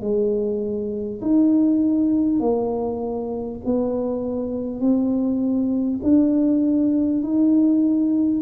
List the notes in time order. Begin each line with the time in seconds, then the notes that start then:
0.00 G#3
1.21 D#4
2.39 A#3
3.65 B3
4.80 C4
6.03 D4
7.23 D#4